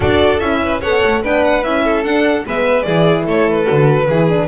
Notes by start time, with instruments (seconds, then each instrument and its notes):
0.00 double bass D4, horn F#4, violin A4 D5
0.39 double bass C#4, horn E4, violin E5
0.62 violin B4
0.81 double bass B3, horn A4, violin C#5 F#5
1.04 double bass A3
1.22 double bass B3, horn D4, violin B4 G5
1.44 violin F#5
1.62 double bass C#4, horn E4, violin E5
1.83 violin A4
2.03 double bass D4, horn D4, violin F#5
2.45 double bass G#3, horn B3, violin B4 E5
2.82 double bass E3, horn E4, violin G#4 D5
3.25 double bass A3, violin A4 C#5
3.49 violin B4
3.65 double bass D3, horn F#4
4.08 double bass E3, horn E4, violin G#4
4.29 horn D4